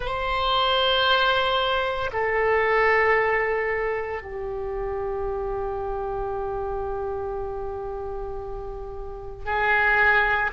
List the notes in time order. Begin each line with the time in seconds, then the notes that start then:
0.00 C5
2.12 A4
4.22 G4
9.45 G#4